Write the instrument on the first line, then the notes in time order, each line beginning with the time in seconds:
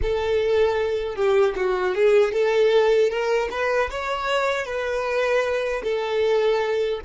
violin
0.02 A4
1.15 G4
1.56 F#4
1.94 G#4
2.32 A4
3.10 A#4
3.51 B4
3.90 C#5
4.65 B4
5.83 A4